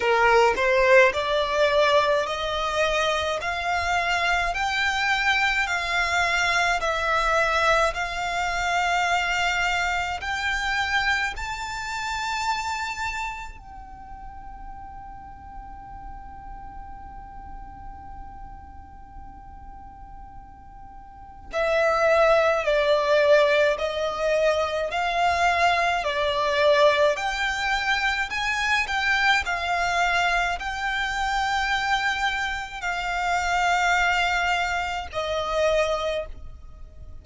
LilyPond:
\new Staff \with { instrumentName = "violin" } { \time 4/4 \tempo 4 = 53 ais'8 c''8 d''4 dis''4 f''4 | g''4 f''4 e''4 f''4~ | f''4 g''4 a''2 | g''1~ |
g''2. e''4 | d''4 dis''4 f''4 d''4 | g''4 gis''8 g''8 f''4 g''4~ | g''4 f''2 dis''4 | }